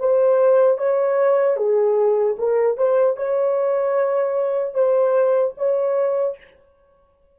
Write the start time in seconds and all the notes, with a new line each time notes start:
0.00 C5
0.78 C#5
1.57 G#4
2.39 A#4
2.78 C5
3.17 C#5
4.75 C5
5.58 C#5